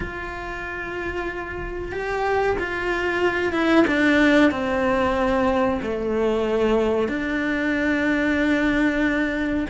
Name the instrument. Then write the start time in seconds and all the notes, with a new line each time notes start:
cello
0.00 F4
1.91 G4
2.59 F4
3.52 E4
3.87 D4
4.51 C4
5.82 A3
7.08 D4